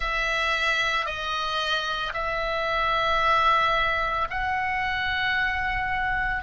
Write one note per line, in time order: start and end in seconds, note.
0.00 1.05 E5
1.05 2.12 D#5
2.13 4.28 E5
4.30 6.43 F#5